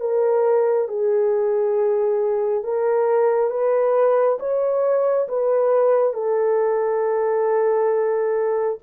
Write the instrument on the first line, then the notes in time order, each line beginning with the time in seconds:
horn
0.00 A#4
0.88 G#4
2.64 A#4
3.50 B4
4.39 C#5
5.28 B4
6.13 A4